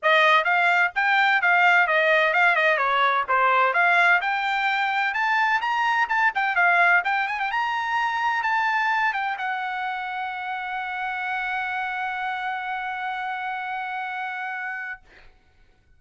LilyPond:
\new Staff \with { instrumentName = "trumpet" } { \time 4/4 \tempo 4 = 128 dis''4 f''4 g''4 f''4 | dis''4 f''8 dis''8 cis''4 c''4 | f''4 g''2 a''4 | ais''4 a''8 g''8 f''4 g''8 gis''16 g''16 |
ais''2 a''4. g''8 | fis''1~ | fis''1~ | fis''1 | }